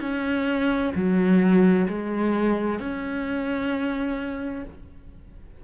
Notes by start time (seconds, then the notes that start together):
0.00 C#4
0.95 F#3
1.88 G#3
2.79 C#4